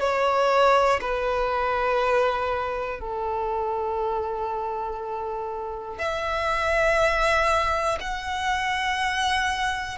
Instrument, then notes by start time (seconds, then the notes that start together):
violin
0.00 C#5
1.00 B4
3.00 A4
5.98 E5
8.00 F#5